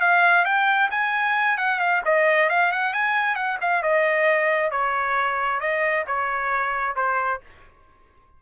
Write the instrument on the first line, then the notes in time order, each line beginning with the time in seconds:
trumpet
0.00 F5
0.45 G5
0.91 G#5
1.57 F#5
1.79 F5
2.05 D#5
2.49 F5
2.72 F#5
2.93 G#5
3.35 F#5
3.61 F5
3.82 D#5
4.71 C#5
5.60 D#5
6.07 C#5
6.95 C5